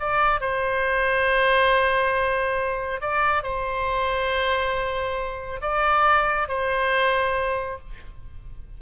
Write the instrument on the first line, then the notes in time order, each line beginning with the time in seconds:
oboe
0.00 D5
0.41 C5
3.01 D5
3.43 C5
5.61 D5
6.48 C5